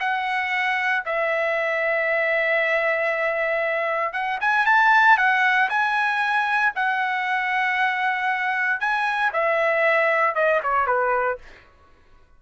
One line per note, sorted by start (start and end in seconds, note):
0.00 1.03 F#5
1.06 4.13 E5
4.13 4.39 F#5
4.40 4.66 G#5
4.66 5.17 A5
5.17 5.69 F#5
5.70 6.73 G#5
6.76 8.80 F#5
8.80 9.32 G#5
9.33 10.35 E5
10.35 10.61 D#5
10.63 10.86 C#5
10.86 11.38 B4